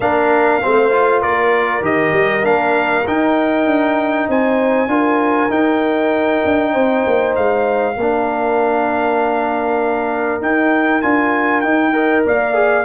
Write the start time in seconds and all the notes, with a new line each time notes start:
0.00 A#3 D4 A#4 F5
0.62 A3 C4 C5
0.91 F4
1.21 A#3 A#4 D5
1.81 D#3 G4 D#5
2.12 G3
2.42 A#3 D4 F5
3.07 D#4 G5
3.66 D4
4.28 C4 C5 G#5
4.87 D4 F4 A#4
5.49 D#4 G5
6.44 D4
6.72 C4 C5
7.06 A#3
7.35 G#3 F5
7.96 A#3 D4 A#4
10.41 D#4 G5
11.01 D4 F4 G#5
11.60 D#4 G5
11.92 A#4 D#5
12.26 A#3 D5 F5
12.53 G#4